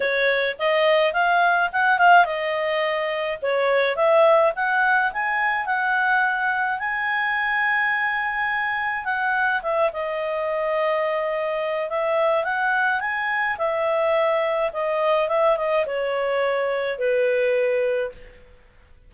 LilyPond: \new Staff \with { instrumentName = "clarinet" } { \time 4/4 \tempo 4 = 106 cis''4 dis''4 f''4 fis''8 f''8 | dis''2 cis''4 e''4 | fis''4 gis''4 fis''2 | gis''1 |
fis''4 e''8 dis''2~ dis''8~ | dis''4 e''4 fis''4 gis''4 | e''2 dis''4 e''8 dis''8 | cis''2 b'2 | }